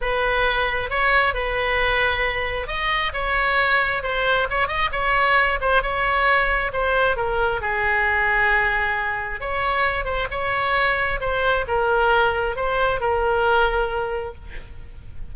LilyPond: \new Staff \with { instrumentName = "oboe" } { \time 4/4 \tempo 4 = 134 b'2 cis''4 b'4~ | b'2 dis''4 cis''4~ | cis''4 c''4 cis''8 dis''8 cis''4~ | cis''8 c''8 cis''2 c''4 |
ais'4 gis'2.~ | gis'4 cis''4. c''8 cis''4~ | cis''4 c''4 ais'2 | c''4 ais'2. | }